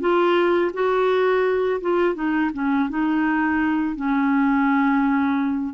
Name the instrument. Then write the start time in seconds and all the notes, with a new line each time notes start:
clarinet
0.00 F4
0.73 F#4
1.81 F4
2.15 D#4
2.54 C#4
2.90 D#4
3.96 C#4